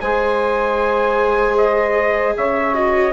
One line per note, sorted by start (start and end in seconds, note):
0.00 2.35 G#3
0.00 2.74 G#4
0.00 2.35 C5
0.00 1.56 G#5
1.57 2.35 D#5
2.36 3.12 C#3
2.36 3.12 C#5
2.36 2.75 E5
2.74 3.12 F#4
2.74 3.12 D#5